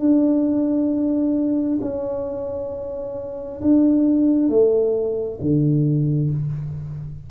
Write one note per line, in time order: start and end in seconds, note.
0.00 1.79 D4
1.82 3.61 C#4
3.61 4.49 D4
4.49 5.39 A3
5.41 6.31 D3